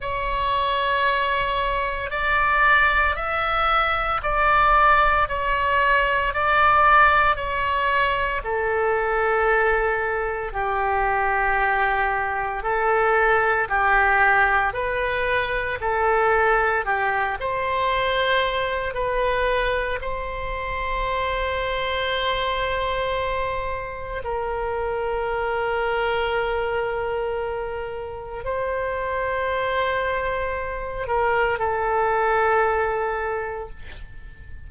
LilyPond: \new Staff \with { instrumentName = "oboe" } { \time 4/4 \tempo 4 = 57 cis''2 d''4 e''4 | d''4 cis''4 d''4 cis''4 | a'2 g'2 | a'4 g'4 b'4 a'4 |
g'8 c''4. b'4 c''4~ | c''2. ais'4~ | ais'2. c''4~ | c''4. ais'8 a'2 | }